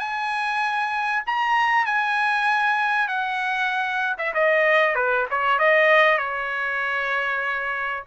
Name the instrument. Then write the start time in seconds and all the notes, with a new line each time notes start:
trumpet
0.00 G#5
1.27 A#5
1.86 G#5
3.08 F#5
4.18 E5
4.34 D#5
4.96 B4
5.31 C#5
5.59 D#5
6.18 C#5